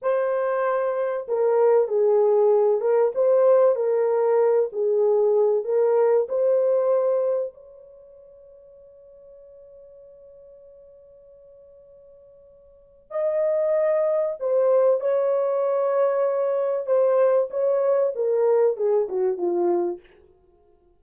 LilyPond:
\new Staff \with { instrumentName = "horn" } { \time 4/4 \tempo 4 = 96 c''2 ais'4 gis'4~ | gis'8 ais'8 c''4 ais'4. gis'8~ | gis'4 ais'4 c''2 | cis''1~ |
cis''1~ | cis''4 dis''2 c''4 | cis''2. c''4 | cis''4 ais'4 gis'8 fis'8 f'4 | }